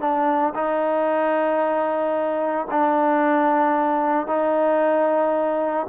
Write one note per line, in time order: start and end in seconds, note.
0.00 0.53 D4
0.54 2.67 D#4
2.71 4.27 D4
4.27 5.86 D#4